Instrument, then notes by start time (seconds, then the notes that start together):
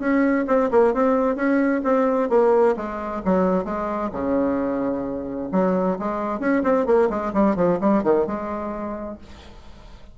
bassoon
0.00 C#4
0.48 C4
0.71 A#3
0.94 C4
1.36 C#4
1.84 C4
2.30 A#3
2.77 G#3
3.25 F#3
3.65 G#3
4.13 C#3
5.52 F#3
5.99 G#3
6.40 C#4
6.64 C4
6.87 A#3
7.10 G#3
7.34 G3
7.56 F3
7.81 G3
8.04 D#3
8.27 G#3